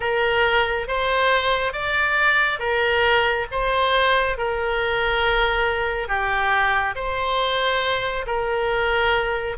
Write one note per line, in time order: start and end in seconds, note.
0.00 0.87 A#4
0.87 1.72 C5
1.72 2.59 D5
2.59 3.46 A#4
3.51 4.37 C5
4.37 6.08 A#4
6.08 6.94 G4
6.95 8.25 C5
8.26 9.57 A#4